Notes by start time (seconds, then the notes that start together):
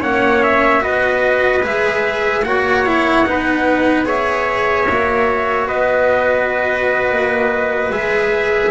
0.00 A#3 C#4 C#5 F#5
0.43 E5
0.80 B3 F#4 B4 D#5
1.62 G#3 G#4 E5
2.43 A#3 F#4 C#5 F#5
2.86 E4
3.25 B3 D#4 B4
4.05 G#4 C#5 E5
4.89 A#3 F#4
5.67 B3 B4 D#5
7.11 A#3
7.90 G#3 G#4 E5